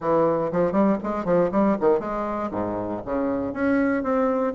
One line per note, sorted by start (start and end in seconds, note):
0.00 0.51 E3
0.52 0.72 F3
0.72 0.97 G3
1.03 1.25 G#3
1.25 1.50 F3
1.51 1.76 G3
1.80 1.99 D#3
1.99 2.50 G#3
2.51 3.01 G#2
3.05 3.53 C#3
3.53 4.03 C#4
4.03 4.53 C4